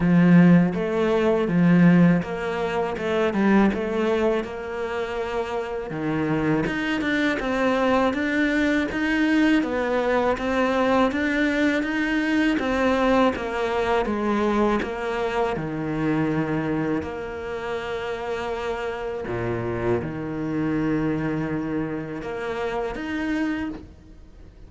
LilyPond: \new Staff \with { instrumentName = "cello" } { \time 4/4 \tempo 4 = 81 f4 a4 f4 ais4 | a8 g8 a4 ais2 | dis4 dis'8 d'8 c'4 d'4 | dis'4 b4 c'4 d'4 |
dis'4 c'4 ais4 gis4 | ais4 dis2 ais4~ | ais2 ais,4 dis4~ | dis2 ais4 dis'4 | }